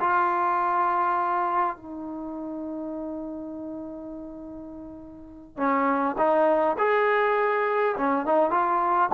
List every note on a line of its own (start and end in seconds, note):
0.00 1.76 F4
1.76 5.57 D#4
5.57 6.16 C#4
6.17 6.76 D#4
6.78 7.96 G#4
7.97 8.26 C#4
8.26 8.50 D#4
8.50 9.09 F4